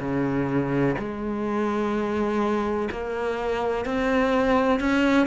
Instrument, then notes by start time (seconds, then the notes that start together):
cello
0.00 C#3
0.99 G#3
2.91 A#3
3.85 C4
4.81 C#4